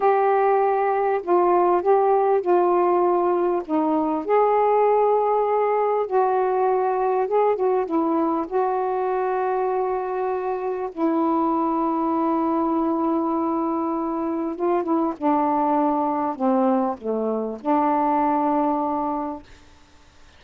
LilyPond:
\new Staff \with { instrumentName = "saxophone" } { \time 4/4 \tempo 4 = 99 g'2 f'4 g'4 | f'2 dis'4 gis'4~ | gis'2 fis'2 | gis'8 fis'8 e'4 fis'2~ |
fis'2 e'2~ | e'1 | f'8 e'8 d'2 c'4 | a4 d'2. | }